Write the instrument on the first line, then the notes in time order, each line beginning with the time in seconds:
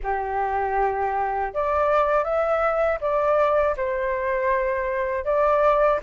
flute
0.03 G4
1.53 D5
2.24 E5
3.00 D5
3.76 C5
5.24 D5